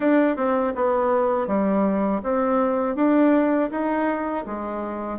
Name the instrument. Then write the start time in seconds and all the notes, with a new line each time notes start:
bassoon
0.00 D4
0.36 C4
0.75 B3
1.47 G3
2.23 C4
2.95 D4
3.70 D#4
4.46 G#3